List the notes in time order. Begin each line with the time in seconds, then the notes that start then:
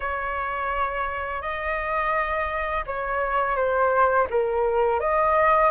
0.00 C#5
1.41 D#5
2.86 C#5
3.56 C5
4.30 A#4
5.00 D#5